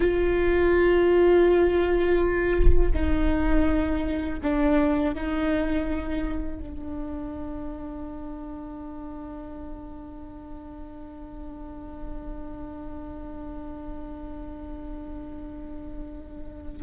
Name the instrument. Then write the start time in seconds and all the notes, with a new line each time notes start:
viola
0.00 F4
2.93 D#4
4.42 D4
5.14 D#4
6.59 D4